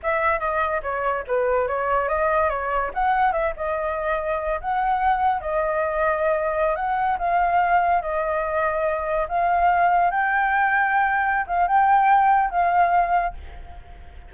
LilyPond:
\new Staff \with { instrumentName = "flute" } { \time 4/4 \tempo 4 = 144 e''4 dis''4 cis''4 b'4 | cis''4 dis''4 cis''4 fis''4 | e''8 dis''2~ dis''8 fis''4~ | fis''4 dis''2.~ |
dis''16 fis''4 f''2 dis''8.~ | dis''2~ dis''16 f''4.~ f''16~ | f''16 g''2.~ g''16 f''8 | g''2 f''2 | }